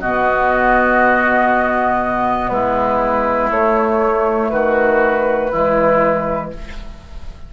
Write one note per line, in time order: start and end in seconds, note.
0.00 2.50 B2
0.00 3.52 B3
0.00 2.50 F#4
0.00 2.48 D#5
2.48 3.50 G#3
2.48 4.51 E4
2.48 3.48 B4
3.50 4.50 A3
3.50 5.53 A3
3.50 4.50 C#5
4.50 5.51 D#3
4.50 5.51 F#4
4.50 6.50 B4
5.51 6.52 E3
5.51 6.52 G#3
5.51 6.51 E4